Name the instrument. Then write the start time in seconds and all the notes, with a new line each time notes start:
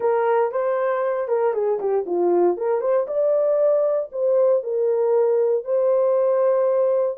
horn
0.00 A#4
0.51 C5
1.28 A#4
1.53 G#4
1.79 G4
2.05 F4
2.57 A#4
2.81 C5
3.07 D5
4.12 C5
4.63 A#4
5.64 C5